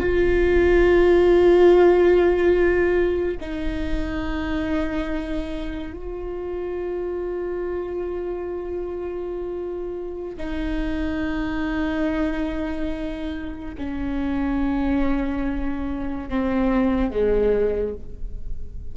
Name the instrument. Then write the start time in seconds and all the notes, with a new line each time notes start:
viola
0.00 F4
3.40 D#4
5.93 F4
10.37 D#4
13.78 C#4
16.29 C4
17.11 G#3